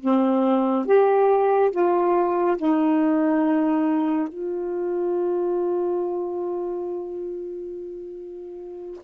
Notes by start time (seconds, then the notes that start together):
0.00 C4
0.85 G4
1.71 F4
2.57 D#4
4.28 F4